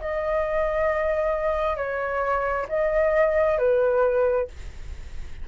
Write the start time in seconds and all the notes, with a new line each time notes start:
0.00 D#5
1.76 C#5
2.68 D#5
3.58 B4